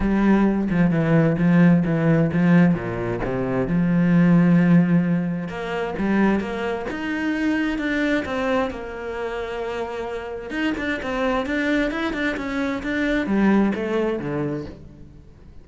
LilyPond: \new Staff \with { instrumentName = "cello" } { \time 4/4 \tempo 4 = 131 g4. f8 e4 f4 | e4 f4 ais,4 c4 | f1 | ais4 g4 ais4 dis'4~ |
dis'4 d'4 c'4 ais4~ | ais2. dis'8 d'8 | c'4 d'4 e'8 d'8 cis'4 | d'4 g4 a4 d4 | }